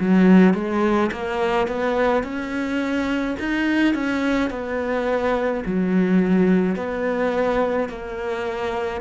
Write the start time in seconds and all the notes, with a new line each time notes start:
0.00 F#3
0.55 G#3
1.12 A#3
1.68 B3
2.24 C#4
3.40 D#4
3.94 C#4
4.51 B3
5.66 F#3
6.76 B3
7.89 A#3